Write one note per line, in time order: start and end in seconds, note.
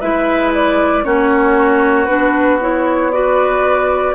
0.00 1.05 G#3
0.00 1.04 E4
0.00 1.04 B4
0.00 0.52 E5
0.54 1.04 D5
1.04 2.08 A#3
1.04 2.07 C#4
1.04 3.12 F#4
1.04 2.05 C#5
2.05 4.14 B3
2.05 2.59 D4
2.05 2.57 B4
2.61 3.12 E4
2.61 3.12 C#5
3.12 4.14 F#4
3.12 4.14 B4
3.12 4.14 D5